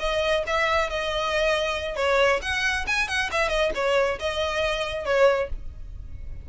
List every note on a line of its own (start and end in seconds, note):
0.00 0.44 D#5
0.47 0.90 E5
0.90 1.96 D#5
1.96 2.40 C#5
2.42 2.86 F#5
2.87 3.08 G#5
3.08 3.30 F#5
3.32 3.49 E5
3.49 3.71 D#5
3.75 4.19 C#5
4.19 5.05 D#5
5.05 5.49 C#5